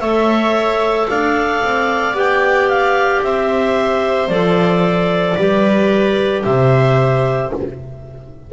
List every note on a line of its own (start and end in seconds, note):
0.00 1.08 A3
0.00 2.14 A4
0.00 1.08 C#5
0.00 1.07 E5
1.09 1.63 D4
1.09 3.24 D5
1.09 2.17 F5
1.63 2.14 C4
2.14 3.21 B3
2.14 4.29 G4
2.14 2.69 G5
2.69 3.22 F5
3.22 4.28 C4
3.22 5.37 C5
3.22 4.29 E5
4.28 5.35 F3
4.28 5.38 A4
4.28 6.43 D5
5.37 6.45 G3
5.37 7.53 G4
5.37 6.44 B4
6.44 7.52 C3
6.44 7.52 C5
6.44 7.51 E5